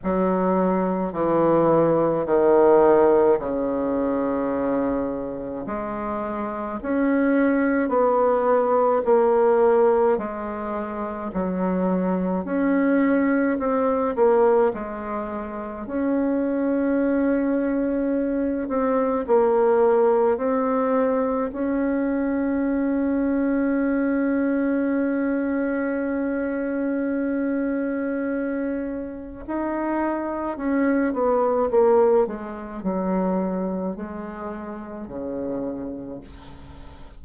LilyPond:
\new Staff \with { instrumentName = "bassoon" } { \time 4/4 \tempo 4 = 53 fis4 e4 dis4 cis4~ | cis4 gis4 cis'4 b4 | ais4 gis4 fis4 cis'4 | c'8 ais8 gis4 cis'2~ |
cis'8 c'8 ais4 c'4 cis'4~ | cis'1~ | cis'2 dis'4 cis'8 b8 | ais8 gis8 fis4 gis4 cis4 | }